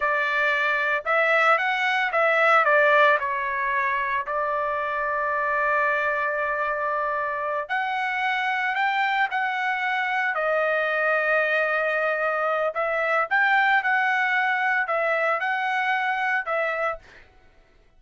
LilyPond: \new Staff \with { instrumentName = "trumpet" } { \time 4/4 \tempo 4 = 113 d''2 e''4 fis''4 | e''4 d''4 cis''2 | d''1~ | d''2~ d''8 fis''4.~ |
fis''8 g''4 fis''2 dis''8~ | dis''1 | e''4 g''4 fis''2 | e''4 fis''2 e''4 | }